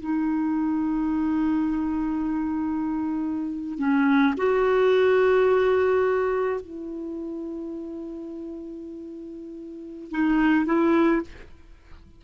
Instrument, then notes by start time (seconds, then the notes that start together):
clarinet
0.00 D#4
3.79 C#4
4.37 F#4
6.61 E4
10.11 D#4
10.65 E4